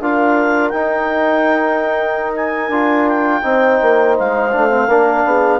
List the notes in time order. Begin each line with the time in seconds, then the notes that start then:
0.00 D4 F4 A#4 F5
0.69 D#4 G5
2.36 G#5
2.69 D4 F4
3.08 G5
3.43 C4 D#4 C5
3.82 A#3
4.19 G#3 F5
4.52 A3 D4
4.70 C4
4.88 A#3 D4 A#4
5.25 B3 G#4